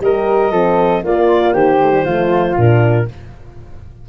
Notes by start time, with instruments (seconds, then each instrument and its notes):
0.00 tuba G3, horn G4, flute A#4, clarinet D#5
0.51 tuba F3, horn C4, flute A4
1.03 horn A#3, tuba A#3, flute F4, clarinet D5
1.54 tuba D#3, flute G4, clarinet C5
1.80 horn A3
1.92 horn G3
2.05 tuba F3, horn A3, flute F4
2.57 tuba A#2, horn D4, clarinet A#4